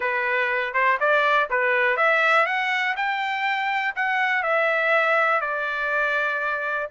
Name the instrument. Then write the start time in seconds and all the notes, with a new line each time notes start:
trumpet
0.00 B4
0.73 C5
1.00 D5
1.50 B4
1.96 E5
2.46 F#5
2.96 G5
3.95 F#5
4.43 E5
5.41 D5